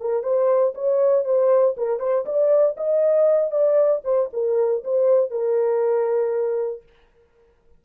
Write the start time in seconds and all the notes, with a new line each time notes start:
0.00 A#4
0.23 C5
0.74 C#5
1.25 C5
1.77 A#4
1.99 C5
2.25 D5
2.77 D#5
3.51 D5
4.04 C5
4.33 A#4
4.84 C5
5.30 A#4